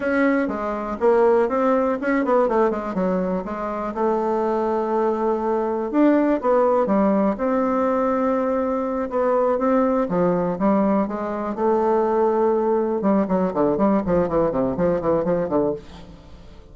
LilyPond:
\new Staff \with { instrumentName = "bassoon" } { \time 4/4 \tempo 4 = 122 cis'4 gis4 ais4 c'4 | cis'8 b8 a8 gis8 fis4 gis4 | a1 | d'4 b4 g4 c'4~ |
c'2~ c'8 b4 c'8~ | c'8 f4 g4 gis4 a8~ | a2~ a8 g8 fis8 d8 | g8 f8 e8 c8 f8 e8 f8 d8 | }